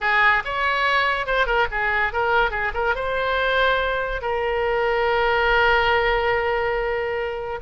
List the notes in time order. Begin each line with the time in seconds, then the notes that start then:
0.00 G#4
0.45 C#5
1.26 C5
1.46 A#4
1.71 G#4
2.12 A#4
2.50 G#4
2.73 A#4
2.95 C5
4.21 A#4